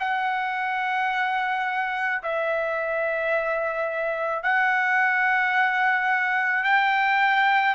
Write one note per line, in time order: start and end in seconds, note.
0.00 2.22 F#5
2.23 4.43 E5
4.43 6.64 F#5
6.64 7.75 G5